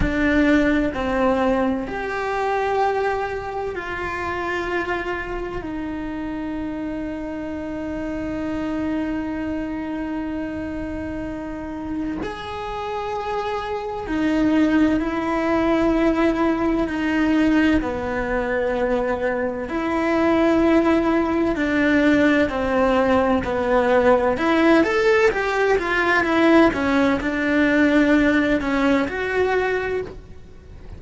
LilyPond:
\new Staff \with { instrumentName = "cello" } { \time 4/4 \tempo 4 = 64 d'4 c'4 g'2 | f'2 dis'2~ | dis'1~ | dis'4 gis'2 dis'4 |
e'2 dis'4 b4~ | b4 e'2 d'4 | c'4 b4 e'8 a'8 g'8 f'8 | e'8 cis'8 d'4. cis'8 fis'4 | }